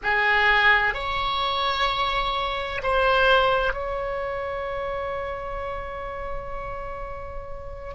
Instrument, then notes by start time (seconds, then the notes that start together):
oboe
0.03 G#4
0.94 C#5
2.82 C5
3.73 C#5